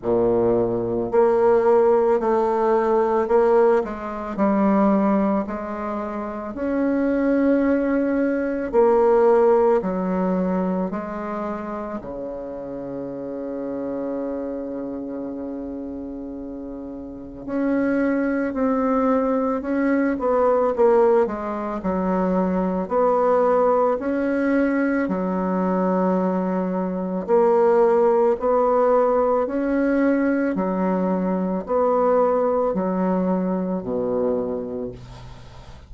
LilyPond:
\new Staff \with { instrumentName = "bassoon" } { \time 4/4 \tempo 4 = 55 ais,4 ais4 a4 ais8 gis8 | g4 gis4 cis'2 | ais4 fis4 gis4 cis4~ | cis1 |
cis'4 c'4 cis'8 b8 ais8 gis8 | fis4 b4 cis'4 fis4~ | fis4 ais4 b4 cis'4 | fis4 b4 fis4 b,4 | }